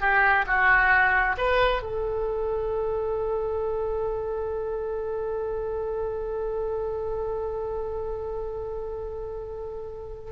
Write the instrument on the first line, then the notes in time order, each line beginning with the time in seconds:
oboe
0.00 G4
0.46 F#4
1.37 B4
1.82 A4